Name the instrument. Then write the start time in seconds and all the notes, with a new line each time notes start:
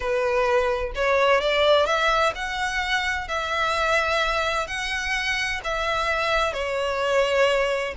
violin
0.00 B4
0.95 C#5
1.40 D5
1.86 E5
2.35 F#5
3.27 E5
4.67 F#5
5.64 E5
6.53 C#5